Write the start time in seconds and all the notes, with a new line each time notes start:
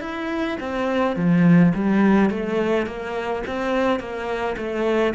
0.00 E4
0.60 C4
1.16 F3
1.74 G3
2.30 A3
2.86 A#3
3.47 C4
3.99 A#3
4.57 A3